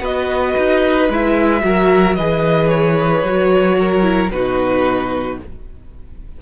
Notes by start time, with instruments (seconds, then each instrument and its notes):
0.00 cello B3, viola F#4, violin B4 D#5
0.57 cello D#4
1.09 cello G#3, viola E4, violin E5
1.61 cello F#3, viola F#4, violin A#4
2.14 cello E3, viola G#4, violin B4 D#5
2.68 violin C#5
3.23 cello F#3, viola F#4
3.79 violin A#4
4.02 viola E4
4.31 cello B2, viola D#4, violin F#4 B4